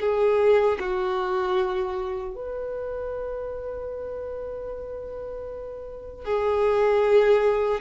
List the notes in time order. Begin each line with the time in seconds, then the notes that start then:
0.00 G#4
0.79 F#4
2.35 B4
6.25 G#4